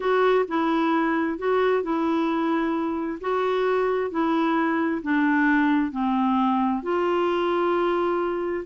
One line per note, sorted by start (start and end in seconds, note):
0.00 0.45 F#4
0.48 1.38 E4
1.38 1.82 F#4
1.82 3.19 E4
3.20 4.10 F#4
4.10 5.01 E4
5.02 5.91 D4
5.91 6.82 C4
6.83 8.64 F4